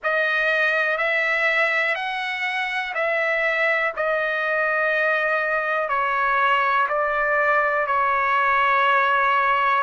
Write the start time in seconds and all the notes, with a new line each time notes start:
0.03 D#5
0.97 E5
1.94 F#5
2.94 E5
3.96 D#5
5.88 C#5
6.88 D5
7.86 C#5